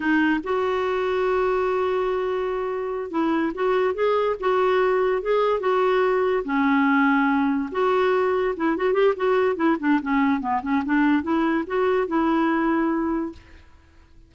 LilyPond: \new Staff \with { instrumentName = "clarinet" } { \time 4/4 \tempo 4 = 144 dis'4 fis'2.~ | fis'2.~ fis'8 e'8~ | e'8 fis'4 gis'4 fis'4.~ | fis'8 gis'4 fis'2 cis'8~ |
cis'2~ cis'8 fis'4.~ | fis'8 e'8 fis'8 g'8 fis'4 e'8 d'8 | cis'4 b8 cis'8 d'4 e'4 | fis'4 e'2. | }